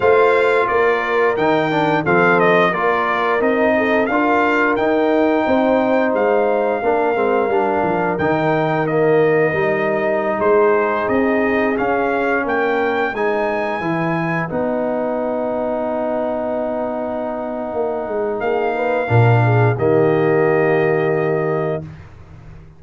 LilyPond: <<
  \new Staff \with { instrumentName = "trumpet" } { \time 4/4 \tempo 4 = 88 f''4 d''4 g''4 f''8 dis''8 | d''4 dis''4 f''4 g''4~ | g''4 f''2. | g''4 dis''2~ dis''16 c''8.~ |
c''16 dis''4 f''4 g''4 gis''8.~ | gis''4~ gis''16 fis''2~ fis''8.~ | fis''2. f''4~ | f''4 dis''2. | }
  \new Staff \with { instrumentName = "horn" } { \time 4/4 c''4 ais'2 a'4 | ais'4. a'8 ais'2 | c''2 ais'2~ | ais'2.~ ais'16 gis'8.~ |
gis'2~ gis'16 ais'4 b'8.~ | b'1~ | b'2. gis'8 b'8 | ais'8 gis'8 g'2. | }
  \new Staff \with { instrumentName = "trombone" } { \time 4/4 f'2 dis'8 d'8 c'4 | f'4 dis'4 f'4 dis'4~ | dis'2 d'8 c'8 d'4 | dis'4 ais4 dis'2~ |
dis'4~ dis'16 cis'2 dis'8.~ | dis'16 e'4 dis'2~ dis'8.~ | dis'1 | d'4 ais2. | }
  \new Staff \with { instrumentName = "tuba" } { \time 4/4 a4 ais4 dis4 f4 | ais4 c'4 d'4 dis'4 | c'4 gis4 ais8 gis8 g8 f8 | dis2 g4~ g16 gis8.~ |
gis16 c'4 cis'4 ais4 gis8.~ | gis16 e4 b2~ b8.~ | b2 ais8 gis8 ais4 | ais,4 dis2. | }
>>